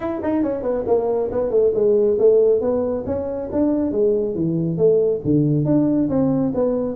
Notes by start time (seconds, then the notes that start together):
0.00 E4
0.23 D#4
0.42 C#4
0.62 B3
0.87 A#3
1.31 B3
1.50 A3
1.74 G#3
2.18 A3
2.60 B3
3.06 C#4
3.52 D4
3.91 G#3
4.34 E3
4.77 A3
5.24 D3
5.65 D4
6.09 C4
6.54 B3